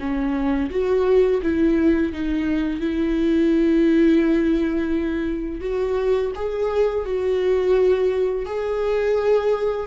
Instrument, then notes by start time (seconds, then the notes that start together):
viola
0.00 C#4
0.71 F#4
1.43 E4
2.13 D#4
2.81 E4
5.61 F#4
6.35 G#4
7.06 F#4
8.46 G#4